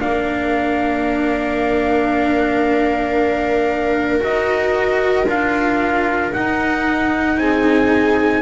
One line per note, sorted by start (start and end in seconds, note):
0.00 4.22 A#3
0.00 4.20 D4
0.00 7.39 A#4
0.00 4.22 F5
4.20 5.27 D#4
4.20 5.25 F#4
4.20 5.29 D#5
5.27 6.32 D4
5.27 6.33 F4
5.27 6.33 F5
6.33 8.42 D#4
6.33 7.37 D#4
6.33 7.38 F#5
7.37 8.42 C4
7.37 8.42 G#4
7.37 8.42 G#5